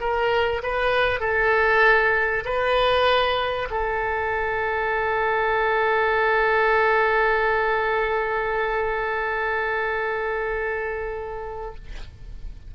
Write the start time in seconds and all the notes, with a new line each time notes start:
0.00 A#4
0.63 B4
1.20 A4
2.45 B4
3.70 A4